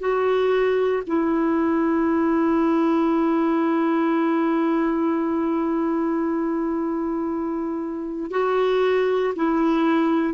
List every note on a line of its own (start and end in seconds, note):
0.00 1.03 F#4
1.07 8.31 E4
8.31 9.34 F#4
9.36 10.34 E4